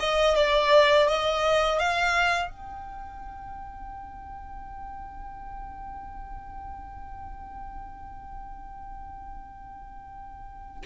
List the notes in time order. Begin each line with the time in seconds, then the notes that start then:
0.00 D#5
0.36 D5
1.08 D#5
1.79 F5
2.51 G5